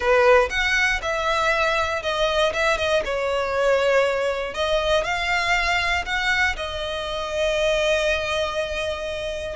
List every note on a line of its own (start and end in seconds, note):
0.00 0.49 B4
0.50 1.00 F#5
1.02 2.02 E5
2.02 2.52 D#5
2.53 2.77 E5
2.77 3.03 D#5
3.04 4.54 C#5
4.54 5.04 D#5
5.04 6.05 F5
6.05 6.56 F#5
6.56 9.56 D#5